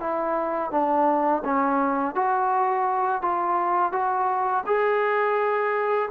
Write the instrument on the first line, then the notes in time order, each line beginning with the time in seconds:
trombone
0.00 E4
0.71 D4
1.45 C#4
2.15 F#4
3.22 F4
3.92 F#4
4.66 G#4